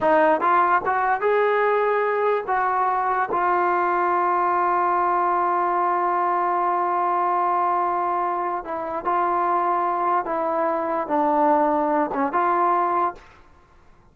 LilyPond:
\new Staff \with { instrumentName = "trombone" } { \time 4/4 \tempo 4 = 146 dis'4 f'4 fis'4 gis'4~ | gis'2 fis'2 | f'1~ | f'1~ |
f'1~ | f'4 e'4 f'2~ | f'4 e'2 d'4~ | d'4. cis'8 f'2 | }